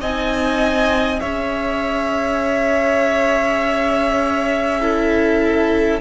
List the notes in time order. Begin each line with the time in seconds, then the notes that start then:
0.00 C4 D#4 D#5 G#5
1.20 C#4 G#4 C#5 E5
4.80 E4 A4